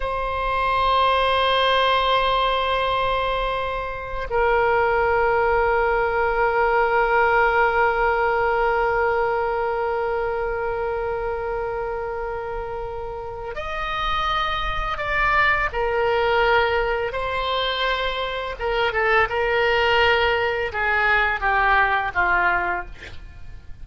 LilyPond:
\new Staff \with { instrumentName = "oboe" } { \time 4/4 \tempo 4 = 84 c''1~ | c''2 ais'2~ | ais'1~ | ais'1~ |
ais'2. dis''4~ | dis''4 d''4 ais'2 | c''2 ais'8 a'8 ais'4~ | ais'4 gis'4 g'4 f'4 | }